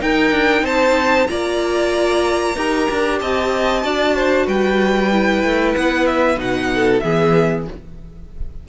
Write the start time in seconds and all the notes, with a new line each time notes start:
0.00 D#4 A#4 G5
0.32 D4
0.62 C4 C5 A5
1.27 A#3 F4 D5 A#5
2.56 D#4 G4 A#4
2.91 D4
3.19 C4 D#5 A5
3.83 D4 F#4 D5
4.16 C5
4.46 G3 B4 G5
5.12 E4
5.43 A3
5.76 B3 F#5
6.07 E5
6.37 B2 D#4 F#5
6.75 A4
7.00 E3 B3 G#4 E5